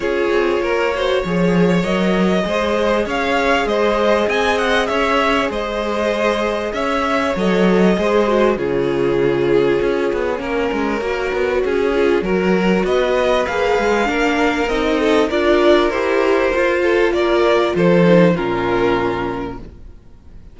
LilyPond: <<
  \new Staff \with { instrumentName = "violin" } { \time 4/4 \tempo 4 = 98 cis''2. dis''4~ | dis''4 f''4 dis''4 gis''8 fis''8 | e''4 dis''2 e''4 | dis''2 cis''2~ |
cis''1~ | cis''4 dis''4 f''2 | dis''4 d''4 c''2 | d''4 c''4 ais'2 | }
  \new Staff \with { instrumentName = "violin" } { \time 4/4 gis'4 ais'8 c''8 cis''2 | c''4 cis''4 c''4 dis''4 | cis''4 c''2 cis''4~ | cis''4 c''4 gis'2~ |
gis'4 ais'2 gis'4 | ais'4 b'2 ais'4~ | ais'8 a'8 ais'2~ ais'8 a'8 | ais'4 a'4 f'2 | }
  \new Staff \with { instrumentName = "viola" } { \time 4/4 f'4. fis'8 gis'4 ais'4 | gis'1~ | gis'1 | a'4 gis'8 fis'8 f'2~ |
f'4 cis'4 fis'4. f'8 | fis'2 gis'4 d'4 | dis'4 f'4 g'4 f'4~ | f'4. dis'8 cis'2 | }
  \new Staff \with { instrumentName = "cello" } { \time 4/4 cis'8 c'8 ais4 f4 fis4 | gis4 cis'4 gis4 c'4 | cis'4 gis2 cis'4 | fis4 gis4 cis2 |
cis'8 b8 ais8 gis8 ais8 b8 cis'4 | fis4 b4 ais8 gis8 ais4 | c'4 d'4 e'4 f'4 | ais4 f4 ais,2 | }
>>